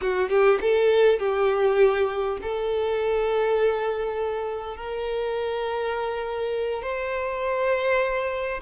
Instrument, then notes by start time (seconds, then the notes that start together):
violin
0.01 F#4
0.29 G4
0.61 A4
1.19 G4
2.42 A4
4.77 A#4
6.82 C5